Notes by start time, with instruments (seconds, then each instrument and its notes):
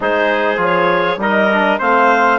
0.00 bassoon G#3, trombone D#4, trumpet G#4, clarinet C5
0.57 bassoon F3, trombone F4
0.64 clarinet C#5
1.17 bassoon G3, trombone D#4, trumpet A#4, clarinet D#5
1.51 trombone D4
1.78 bassoon A3, trombone C4, trumpet C5, clarinet F5